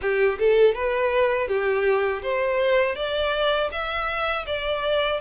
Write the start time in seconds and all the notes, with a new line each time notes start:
0.01 G4
0.38 A4
0.74 B4
1.47 G4
2.22 C5
2.95 D5
3.71 E5
4.46 D5